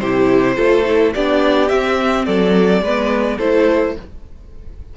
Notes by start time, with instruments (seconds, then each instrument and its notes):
0.00 cello C3, viola E4, violin G4 C5
0.57 cello A3, viola F4, violin A4
0.85 viola E4
1.14 cello B3, viola D4, violin G4 D5
1.69 viola C4, cello C4, violin E5
2.26 cello F#3, violin A4 D5
2.82 cello G#3, viola B3, violin B4
3.37 cello A3, viola E4, violin A4 C5